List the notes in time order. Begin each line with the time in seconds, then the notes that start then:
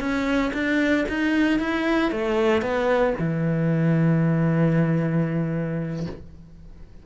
0.00 C#4
0.54 D4
1.09 D#4
1.59 E4
2.11 A3
2.62 B3
3.19 E3